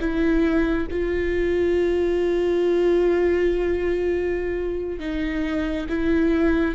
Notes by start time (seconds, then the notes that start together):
0.00 E4
0.91 F4
5.00 D#4
5.89 E4